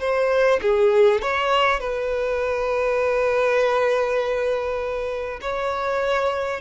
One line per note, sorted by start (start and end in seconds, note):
0.00 0.60 C5
0.62 1.22 G#4
1.22 1.80 C#5
1.80 5.40 B4
5.41 6.60 C#5